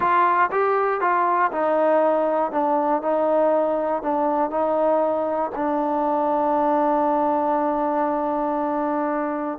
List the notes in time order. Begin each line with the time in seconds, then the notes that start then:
0.00 F4
0.51 G4
1.00 F4
1.51 D#4
2.51 D4
3.02 D#4
4.02 D4
4.50 D#4
5.55 D4